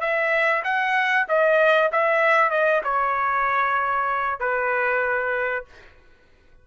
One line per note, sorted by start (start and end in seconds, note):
0.00 0.62 E5
0.64 1.26 F#5
1.28 1.91 D#5
1.92 2.50 E5
2.50 2.82 D#5
2.84 4.39 C#5
4.39 5.64 B4